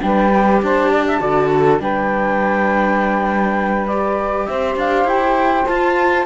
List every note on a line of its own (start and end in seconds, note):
0.00 0.62 G3
0.00 0.30 D4
0.00 0.64 B4
0.00 0.61 G5
0.35 1.20 G4
0.62 1.21 D4
0.62 0.91 C5
0.62 1.81 A5
0.91 1.06 D5
1.07 1.20 E5
1.20 1.80 D3
1.20 1.80 F#4
1.20 1.50 D5
1.52 1.81 A4
1.80 4.47 G3
1.80 3.87 D4
1.80 4.49 B4
1.80 3.87 G5
3.87 5.67 G4
3.87 4.46 D5
4.46 4.76 C4
4.46 6.25 C5
4.46 4.76 E5
4.76 5.04 D4
4.76 5.09 F5
5.04 5.64 E4
5.04 5.67 G5
5.67 6.25 F4
5.67 6.25 A5